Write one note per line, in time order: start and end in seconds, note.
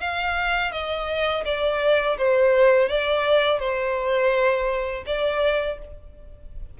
0.00 0.72 F5
0.72 1.44 D#5
1.45 2.17 D5
2.18 2.89 C5
2.89 3.59 D5
3.59 5.04 C5
5.06 5.78 D5